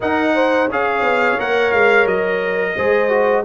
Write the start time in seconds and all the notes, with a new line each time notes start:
0.00 D#4 A#4 F#5
0.34 C5
0.68 C#4 G#4 C#5 F5
1.01 B3
1.38 A#3 A#4 F#5
1.72 G#3 F5
2.05 F#3 D#5
2.75 G#3 G#4 C5
3.09 F#4